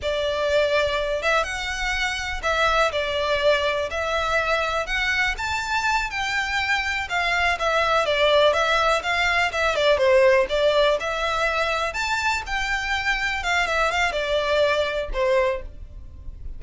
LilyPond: \new Staff \with { instrumentName = "violin" } { \time 4/4 \tempo 4 = 123 d''2~ d''8 e''8 fis''4~ | fis''4 e''4 d''2 | e''2 fis''4 a''4~ | a''8 g''2 f''4 e''8~ |
e''8 d''4 e''4 f''4 e''8 | d''8 c''4 d''4 e''4.~ | e''8 a''4 g''2 f''8 | e''8 f''8 d''2 c''4 | }